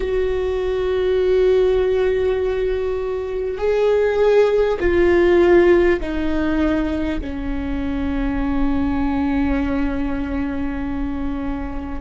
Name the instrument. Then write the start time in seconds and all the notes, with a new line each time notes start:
viola
0.00 F#4
3.58 G#4
4.80 F4
6.00 D#4
7.21 C#4